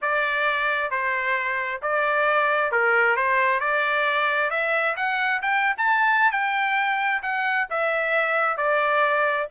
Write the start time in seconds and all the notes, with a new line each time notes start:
0.01 D5
0.90 C5
1.82 D5
2.71 A#4
3.16 C5
3.60 D5
4.50 E5
4.96 F#5
5.42 G5
5.77 A5
6.31 G5
7.22 F#5
7.70 E5
8.57 D5